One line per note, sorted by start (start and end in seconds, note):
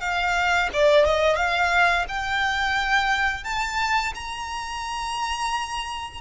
0.00 0.69 F5
0.73 1.05 D5
1.05 1.36 D#5
1.36 2.05 F5
2.08 3.44 G5
3.44 4.13 A5
4.14 6.21 A#5